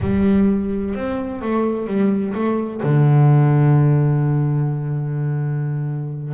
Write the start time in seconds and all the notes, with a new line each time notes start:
0.00 G3
0.94 C4
1.41 A3
1.86 G3
2.34 A3
2.82 D3